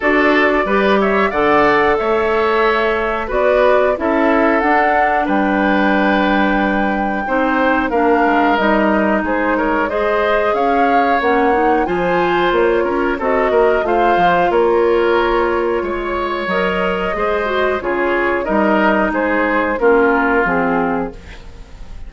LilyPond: <<
  \new Staff \with { instrumentName = "flute" } { \time 4/4 \tempo 4 = 91 d''4. e''8 fis''4 e''4~ | e''4 d''4 e''4 fis''4 | g''1 | f''4 dis''4 c''8 cis''8 dis''4 |
f''4 fis''4 gis''4 cis''4 | dis''4 f''4 cis''2~ | cis''4 dis''2 cis''4 | dis''4 c''4 ais'4 gis'4 | }
  \new Staff \with { instrumentName = "oboe" } { \time 4/4 a'4 b'8 cis''8 d''4 cis''4~ | cis''4 b'4 a'2 | b'2. c''4 | ais'2 gis'8 ais'8 c''4 |
cis''2 c''4. ais'8 | a'8 ais'8 c''4 ais'2 | cis''2 c''4 gis'4 | ais'4 gis'4 f'2 | }
  \new Staff \with { instrumentName = "clarinet" } { \time 4/4 fis'4 g'4 a'2~ | a'4 fis'4 e'4 d'4~ | d'2. dis'4 | d'4 dis'2 gis'4~ |
gis'4 cis'8 dis'8 f'2 | fis'4 f'2.~ | f'4 ais'4 gis'8 fis'8 f'4 | dis'2 cis'4 c'4 | }
  \new Staff \with { instrumentName = "bassoon" } { \time 4/4 d'4 g4 d4 a4~ | a4 b4 cis'4 d'4 | g2. c'4 | ais8 gis8 g4 gis2 |
cis'4 ais4 f4 ais8 cis'8 | c'8 ais8 a8 f8 ais2 | gis4 fis4 gis4 cis4 | g4 gis4 ais4 f4 | }
>>